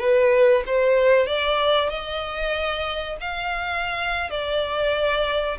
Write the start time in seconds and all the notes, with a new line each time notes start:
0.00 B4
0.67 C5
1.27 D5
1.90 D#5
3.21 F5
4.31 D5